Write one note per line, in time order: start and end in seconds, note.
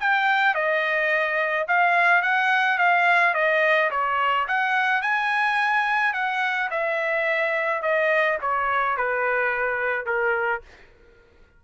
0.00 0.55 G5
0.55 1.67 D#5
1.68 2.22 F5
2.22 2.78 F#5
2.78 3.34 F5
3.34 3.90 D#5
3.91 4.47 C#5
4.48 5.02 F#5
5.02 6.14 G#5
6.14 6.70 F#5
6.71 7.82 E5
7.82 8.38 D#5
8.41 8.97 C#5
8.97 10.06 B4
10.06 10.62 A#4